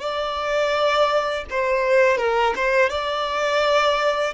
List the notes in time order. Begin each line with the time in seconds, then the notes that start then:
0.00 D5
1.50 C5
2.18 A#4
2.56 C5
2.89 D5